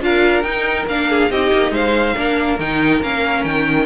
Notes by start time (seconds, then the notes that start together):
0.00 D4 F4 A#4 F5
0.42 D#4 G5
0.86 A#3 D4 F5
1.09 G#4
1.30 C4 D#4 G4 D#5
1.52 A#3
1.70 G#3 C5 F5
2.15 A#3 D4 A#4
2.58 D#3 D#4 G5
3.02 A#3 C#4 F5
3.44 D#3 G5